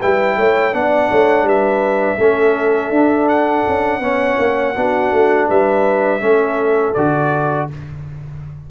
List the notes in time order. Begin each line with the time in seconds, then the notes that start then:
0.00 G3 E4 B4 G5
0.37 A3 C#5
0.73 B3 D4 D5 F#5
1.11 A3 C#5
1.43 G3 B4 E5
2.18 A3 C#4 A4
2.91 D4
3.29 F#5
3.68 C#4
4.00 B3 C#4 C#5
4.39 A#3
4.75 B3 D4 F#4
5.12 A3
5.48 G3 B4 E5
6.21 A3 C#4 A4
6.94 D3 F#4 D5